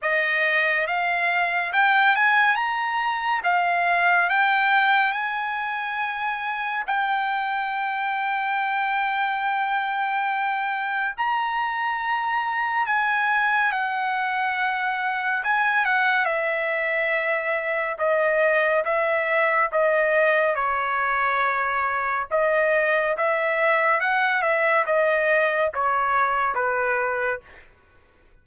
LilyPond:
\new Staff \with { instrumentName = "trumpet" } { \time 4/4 \tempo 4 = 70 dis''4 f''4 g''8 gis''8 ais''4 | f''4 g''4 gis''2 | g''1~ | g''4 ais''2 gis''4 |
fis''2 gis''8 fis''8 e''4~ | e''4 dis''4 e''4 dis''4 | cis''2 dis''4 e''4 | fis''8 e''8 dis''4 cis''4 b'4 | }